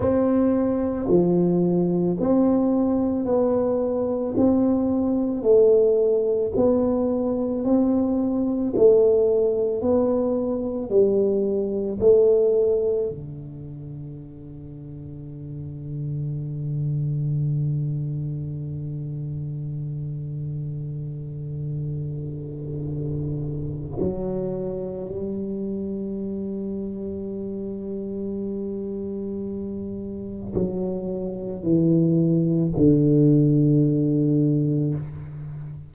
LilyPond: \new Staff \with { instrumentName = "tuba" } { \time 4/4 \tempo 4 = 55 c'4 f4 c'4 b4 | c'4 a4 b4 c'4 | a4 b4 g4 a4 | d1~ |
d1~ | d2 fis4 g4~ | g1 | fis4 e4 d2 | }